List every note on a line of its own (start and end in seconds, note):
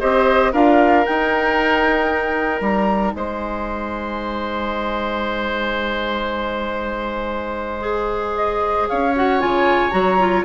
0.00 0.53 C4
0.00 0.53 G4
0.00 0.52 C5
0.00 0.52 D#5
0.52 1.05 D4
0.52 1.05 F4
0.52 3.13 A#4
0.52 1.05 F5
1.05 7.80 D#4
1.05 2.61 D#4
1.05 2.62 G5
2.61 3.13 G3
2.61 3.13 A#5
3.13 8.89 G#3
3.13 8.89 C5
3.13 8.35 G#5
7.80 9.11 G#4
8.35 8.87 D#5
8.89 9.43 C#4
8.89 10.44 C#5
8.89 9.15 F5
9.16 9.39 F#4
9.16 9.40 F#5
9.39 9.93 C#3
9.39 9.91 F4
9.39 9.91 G#5
9.91 10.44 F#3
9.91 10.17 F#4
9.91 10.43 A#5
10.19 10.44 F4